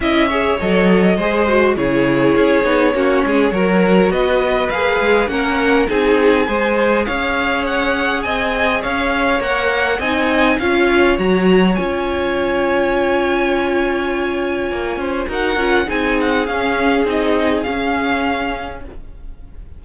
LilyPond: <<
  \new Staff \with { instrumentName = "violin" } { \time 4/4 \tempo 4 = 102 e''4 dis''2 cis''4~ | cis''2. dis''4 | f''4 fis''4 gis''2 | f''4 fis''4 gis''4 f''4 |
fis''4 gis''4 f''4 ais''4 | gis''1~ | gis''2 fis''4 gis''8 fis''8 | f''4 dis''4 f''2 | }
  \new Staff \with { instrumentName = "violin" } { \time 4/4 dis''8 cis''4. c''4 gis'4~ | gis'4 fis'8 gis'8 ais'4 b'4~ | b'4 ais'4 gis'4 c''4 | cis''2 dis''4 cis''4~ |
cis''4 dis''4 cis''2~ | cis''1~ | cis''4. c''8 ais'4 gis'4~ | gis'1 | }
  \new Staff \with { instrumentName = "viola" } { \time 4/4 e'8 gis'8 a'4 gis'8 fis'8 e'4~ | e'8 dis'8 cis'4 fis'2 | gis'4 cis'4 dis'4 gis'4~ | gis'1 |
ais'4 dis'4 f'4 fis'4 | f'1~ | f'2 fis'8 f'8 dis'4 | cis'4 dis'4 cis'2 | }
  \new Staff \with { instrumentName = "cello" } { \time 4/4 cis'4 fis4 gis4 cis4 | cis'8 b8 ais8 gis8 fis4 b4 | ais8 gis8 ais4 c'4 gis4 | cis'2 c'4 cis'4 |
ais4 c'4 cis'4 fis4 | cis'1~ | cis'4 ais8 cis'8 dis'8 cis'8 c'4 | cis'4 c'4 cis'2 | }
>>